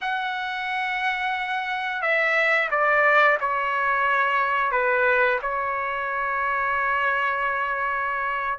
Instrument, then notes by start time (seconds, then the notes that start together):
trumpet
0.01 F#5
2.02 E5
2.70 D5
3.40 C#5
4.71 B4
5.42 C#5